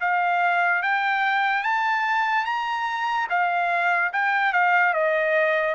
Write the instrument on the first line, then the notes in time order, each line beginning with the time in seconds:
trumpet
0.00 F5
0.83 G5
1.63 A5
2.45 A#5
3.30 F5
4.13 G5
4.52 F5
4.94 D#5